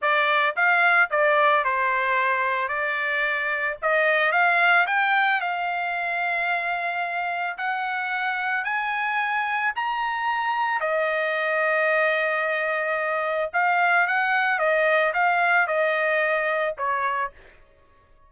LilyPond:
\new Staff \with { instrumentName = "trumpet" } { \time 4/4 \tempo 4 = 111 d''4 f''4 d''4 c''4~ | c''4 d''2 dis''4 | f''4 g''4 f''2~ | f''2 fis''2 |
gis''2 ais''2 | dis''1~ | dis''4 f''4 fis''4 dis''4 | f''4 dis''2 cis''4 | }